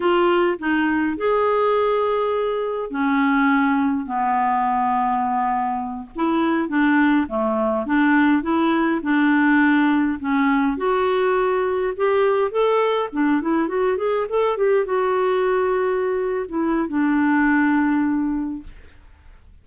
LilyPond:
\new Staff \with { instrumentName = "clarinet" } { \time 4/4 \tempo 4 = 103 f'4 dis'4 gis'2~ | gis'4 cis'2 b4~ | b2~ b8 e'4 d'8~ | d'8 a4 d'4 e'4 d'8~ |
d'4. cis'4 fis'4.~ | fis'8 g'4 a'4 d'8 e'8 fis'8 | gis'8 a'8 g'8 fis'2~ fis'8~ | fis'16 e'8. d'2. | }